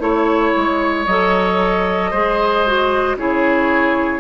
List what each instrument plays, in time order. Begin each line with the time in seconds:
0.00 bassoon A3, clarinet E4, flute C#5, oboe C#5
0.56 bassoon G#3
1.06 bassoon F#3, clarinet A4, flute D#5
2.11 bassoon G#3, clarinet G#4, oboe C5
2.66 clarinet F#4
3.16 bassoon C#3, clarinet E4, oboe G#4, flute C#5